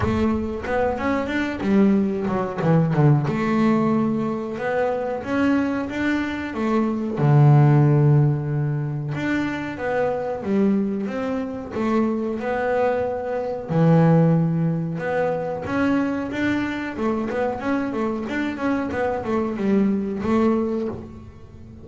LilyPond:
\new Staff \with { instrumentName = "double bass" } { \time 4/4 \tempo 4 = 92 a4 b8 cis'8 d'8 g4 fis8 | e8 d8 a2 b4 | cis'4 d'4 a4 d4~ | d2 d'4 b4 |
g4 c'4 a4 b4~ | b4 e2 b4 | cis'4 d'4 a8 b8 cis'8 a8 | d'8 cis'8 b8 a8 g4 a4 | }